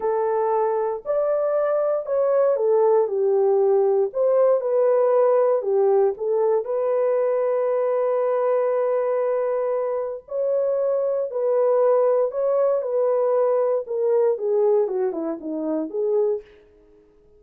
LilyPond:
\new Staff \with { instrumentName = "horn" } { \time 4/4 \tempo 4 = 117 a'2 d''2 | cis''4 a'4 g'2 | c''4 b'2 g'4 | a'4 b'2.~ |
b'1 | cis''2 b'2 | cis''4 b'2 ais'4 | gis'4 fis'8 e'8 dis'4 gis'4 | }